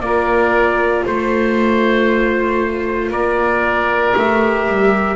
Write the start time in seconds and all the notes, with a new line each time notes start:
0.00 A#3 F4 A#4 D5
1.06 A3 C5
3.11 A#3 A#4 D5
4.15 A3 G4 E5
4.68 G3